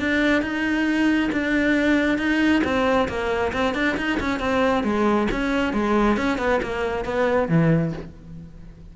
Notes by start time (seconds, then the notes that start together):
0.00 D4
0.42 D#4
1.32 D4
2.18 D#4
2.64 C4
3.08 A#3
3.53 C4
3.74 D4
3.97 D#4
4.20 C#4
4.40 C4
4.83 G#3
5.32 C#4
5.73 G#3
6.17 C#4
6.38 B3
6.63 A#3
7.05 B3
7.49 E3